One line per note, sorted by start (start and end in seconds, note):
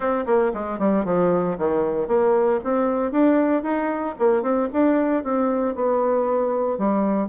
0.00 0.25 C4
0.26 0.52 A#3
0.53 0.78 G#3
0.78 1.05 G3
1.05 1.57 F3
1.57 2.07 D#3
2.07 2.59 A#3
2.63 3.11 C4
3.11 3.63 D4
3.63 4.15 D#4
4.19 4.42 A#3
4.42 4.68 C4
4.72 5.23 D4
5.23 5.75 C4
5.75 6.78 B3
6.78 7.28 G3